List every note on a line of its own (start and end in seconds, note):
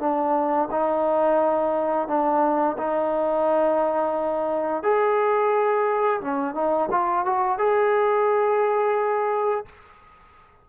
0.00 0.69 D4
0.71 2.08 D#4
2.08 2.77 D4
2.78 4.83 D#4
4.83 6.21 G#4
6.21 6.55 C#4
6.55 6.90 D#4
6.91 7.26 F4
7.26 7.59 F#4
7.59 9.66 G#4